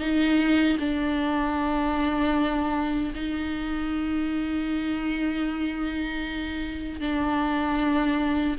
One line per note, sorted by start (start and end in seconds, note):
0.00 0.78 D#4
0.80 3.13 D4
3.15 7.01 D#4
7.01 8.57 D4